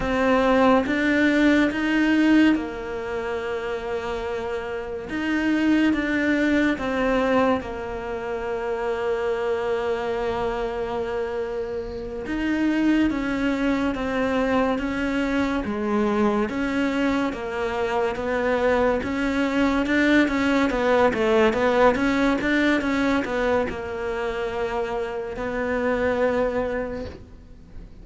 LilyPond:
\new Staff \with { instrumentName = "cello" } { \time 4/4 \tempo 4 = 71 c'4 d'4 dis'4 ais4~ | ais2 dis'4 d'4 | c'4 ais2.~ | ais2~ ais8 dis'4 cis'8~ |
cis'8 c'4 cis'4 gis4 cis'8~ | cis'8 ais4 b4 cis'4 d'8 | cis'8 b8 a8 b8 cis'8 d'8 cis'8 b8 | ais2 b2 | }